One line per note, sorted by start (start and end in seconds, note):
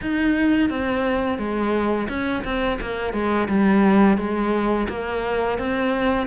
0.01 0.69 D#4
0.69 1.38 C4
1.38 2.08 G#3
2.08 2.43 C#4
2.44 2.79 C4
2.81 3.13 A#3
3.13 3.48 G#3
3.48 4.17 G3
4.17 4.87 G#3
4.88 5.58 A#3
5.58 6.27 C4